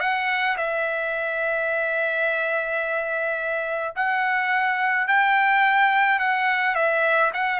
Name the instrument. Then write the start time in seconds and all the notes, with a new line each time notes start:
trumpet
0.00 F#5
0.57 E5
3.95 F#5
5.07 G5
6.19 F#5
6.75 E5
7.33 F#5